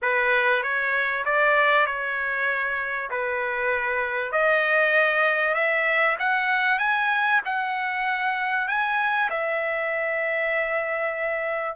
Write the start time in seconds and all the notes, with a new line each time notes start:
0.02 B4
0.62 C#5
1.25 D5
1.86 C#5
3.10 B4
4.32 D#5
5.54 E5
6.19 F#5
6.78 G#5
7.45 F#5
8.68 G#5
9.30 E5